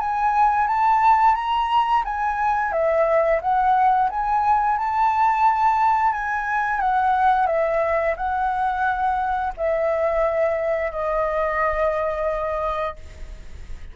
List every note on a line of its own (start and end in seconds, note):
0.00 0.68 G#5
0.68 1.35 A5
1.35 2.04 A#5
2.05 2.72 G#5
2.72 3.41 E5
3.42 4.10 F#5
4.10 4.78 G#5
4.78 6.13 A5
6.13 6.80 G#5
6.80 7.47 F#5
7.47 8.15 E5
8.17 9.53 F#5
9.57 10.92 E5
10.92 12.96 D#5